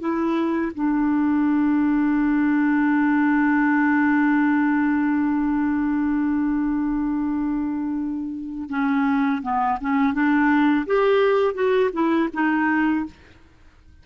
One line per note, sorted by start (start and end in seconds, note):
0.00 0.72 E4
0.75 8.70 D4
8.70 9.42 C#4
9.43 9.79 B3
9.81 10.14 C#4
10.14 10.86 D4
10.87 11.55 G4
11.55 11.91 F#4
11.93 12.30 E4
12.34 13.06 D#4